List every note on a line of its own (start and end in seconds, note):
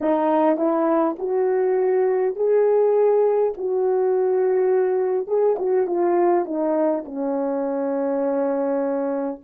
0.01 0.57 D#4
0.57 1.16 E4
1.18 2.35 F#4
2.35 3.53 G#4
3.57 5.27 F#4
5.27 5.56 G#4
5.58 5.87 F#4
5.87 6.44 F4
6.44 7.03 D#4
7.05 9.40 C#4